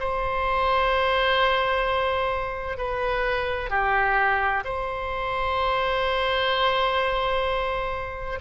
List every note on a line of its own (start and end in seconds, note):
0.00 2.78 C5
2.78 3.70 B4
3.70 4.64 G4
4.65 8.40 C5